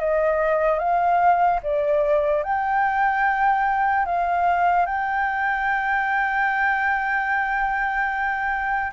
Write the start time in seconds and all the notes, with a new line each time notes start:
0.00 D#5
0.79 F5
1.63 D5
2.43 G5
4.05 F5
4.86 G5